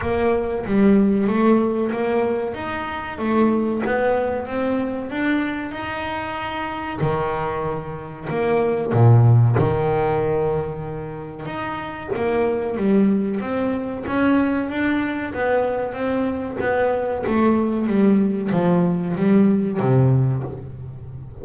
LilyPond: \new Staff \with { instrumentName = "double bass" } { \time 4/4 \tempo 4 = 94 ais4 g4 a4 ais4 | dis'4 a4 b4 c'4 | d'4 dis'2 dis4~ | dis4 ais4 ais,4 dis4~ |
dis2 dis'4 ais4 | g4 c'4 cis'4 d'4 | b4 c'4 b4 a4 | g4 f4 g4 c4 | }